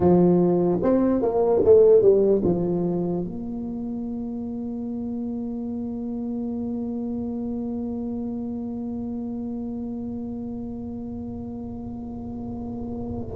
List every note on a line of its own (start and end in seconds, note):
0.00 0.79 F3
0.82 1.22 C4
1.22 1.62 A#3
1.64 2.01 A3
2.01 2.41 G3
2.43 3.24 F3
3.24 13.36 A#3